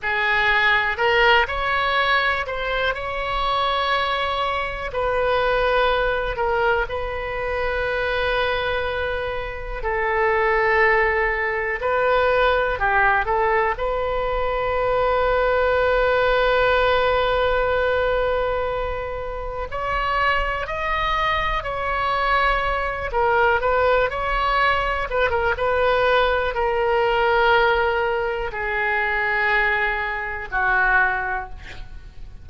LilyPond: \new Staff \with { instrumentName = "oboe" } { \time 4/4 \tempo 4 = 61 gis'4 ais'8 cis''4 c''8 cis''4~ | cis''4 b'4. ais'8 b'4~ | b'2 a'2 | b'4 g'8 a'8 b'2~ |
b'1 | cis''4 dis''4 cis''4. ais'8 | b'8 cis''4 b'16 ais'16 b'4 ais'4~ | ais'4 gis'2 fis'4 | }